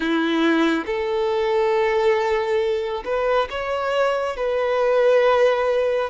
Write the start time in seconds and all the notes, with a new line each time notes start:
0.00 E4
0.86 A4
3.04 B4
3.50 C#5
4.36 B4